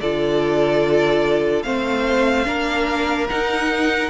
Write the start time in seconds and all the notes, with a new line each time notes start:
0.00 D3 F4 A4 D5
1.62 A3 C4 C5 F5
2.44 A#3 D4 A#4
3.29 D#4 F#5